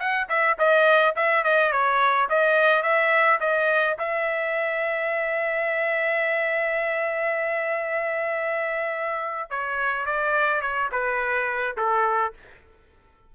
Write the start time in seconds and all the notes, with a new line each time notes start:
0.00 F#5
0.30 E5
0.59 D#5
1.16 E5
1.44 D#5
1.72 C#5
2.30 D#5
2.83 E5
3.41 D#5
3.99 E5
9.51 C#5
10.06 D5
10.62 C#5
10.92 B4
11.77 A4